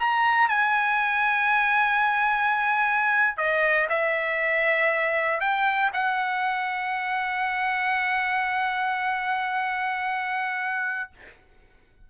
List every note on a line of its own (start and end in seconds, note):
0.00 0.49 A#5
0.49 3.37 G#5
3.37 3.88 D#5
3.89 5.41 E5
5.41 5.91 G5
5.94 11.10 F#5